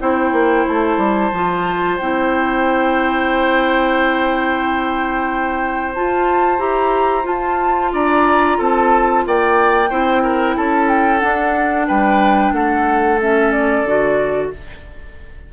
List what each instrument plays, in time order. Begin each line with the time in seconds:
0.00 bassoon C4, clarinet E4, oboe C5, flute G5
0.32 bassoon A#3
0.67 bassoon A3, flute A5
0.97 bassoon G3
1.32 bassoon F3, clarinet F4
1.98 bassoon C4, clarinet E4, flute G5
5.95 clarinet F4, bassoon F4, flute A5
6.58 bassoon E4, clarinet G4, flute A#5
7.23 clarinet F4, bassoon F4, flute A5
7.92 bassoon D4, oboe D5, flute A#5
8.58 bassoon C4, oboe A4, flute A5
9.26 bassoon A#3, oboe D5, flute G5
9.90 bassoon C4, clarinet E4, oboe C5
10.23 oboe A#4
10.57 bassoon C#4, oboe A4, flute A5
10.89 flute G5
11.20 clarinet D4, bassoon D4, flute F#5
11.87 bassoon G3, oboe B4, flute G5
12.52 bassoon A3, oboe A4, flute F#5
13.21 clarinet C#4, flute E5
13.52 flute D5
13.84 bassoon D3, clarinet F#4